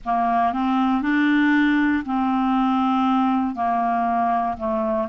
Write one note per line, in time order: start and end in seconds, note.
0.05 0.52 A#3
0.52 1.02 C4
1.02 2.03 D4
2.05 3.55 C4
3.55 4.57 A#3
4.57 5.08 A3